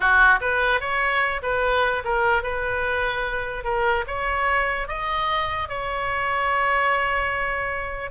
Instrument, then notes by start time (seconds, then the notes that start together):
oboe
0.00 F#4
0.41 B4
0.80 C#5
1.42 B4
2.04 A#4
2.42 B4
3.64 A#4
4.07 C#5
4.88 D#5
5.68 C#5